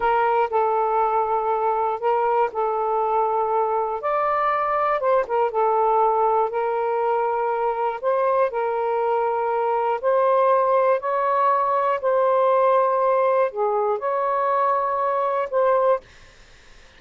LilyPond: \new Staff \with { instrumentName = "saxophone" } { \time 4/4 \tempo 4 = 120 ais'4 a'2. | ais'4 a'2. | d''2 c''8 ais'8 a'4~ | a'4 ais'2. |
c''4 ais'2. | c''2 cis''2 | c''2. gis'4 | cis''2. c''4 | }